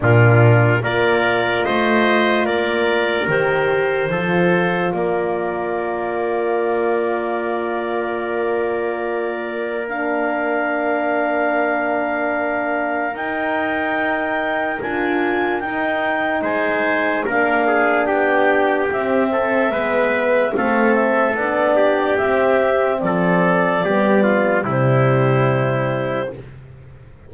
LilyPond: <<
  \new Staff \with { instrumentName = "clarinet" } { \time 4/4 \tempo 4 = 73 ais'4 d''4 dis''4 d''4 | c''2 d''2~ | d''1 | f''1 |
g''2 gis''4 g''4 | gis''4 f''4 g''4 e''4~ | e''4 f''8 e''8 d''4 e''4 | d''2 c''2 | }
  \new Staff \with { instrumentName = "trumpet" } { \time 4/4 f'4 ais'4 c''4 ais'4~ | ais'4 a'4 ais'2~ | ais'1~ | ais'1~ |
ais'1 | c''4 ais'8 gis'8 g'4. a'8 | b'4 a'4. g'4. | a'4 g'8 f'8 e'2 | }
  \new Staff \with { instrumentName = "horn" } { \time 4/4 d'4 f'2. | g'4 f'2.~ | f'1 | d'1 |
dis'2 f'4 dis'4~ | dis'4 d'2 c'4 | b4 c'4 d'4 c'4~ | c'4 b4 g2 | }
  \new Staff \with { instrumentName = "double bass" } { \time 4/4 ais,4 ais4 a4 ais4 | dis4 f4 ais2~ | ais1~ | ais1 |
dis'2 d'4 dis'4 | gis4 ais4 b4 c'4 | gis4 a4 b4 c'4 | f4 g4 c2 | }
>>